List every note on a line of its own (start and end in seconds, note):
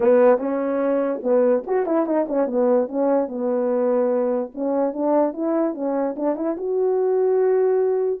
0.00 0.38 B3
0.38 1.20 C#4
1.22 1.63 B3
1.66 1.86 F#4
1.86 2.05 E4
2.05 2.26 D#4
2.28 2.46 C#4
2.46 2.87 B3
2.88 3.28 C#4
3.28 4.51 B3
4.54 4.93 C#4
4.93 5.33 D4
5.33 5.74 E4
5.74 6.15 C#4
6.16 6.35 D4
6.35 6.56 E4
6.57 8.20 F#4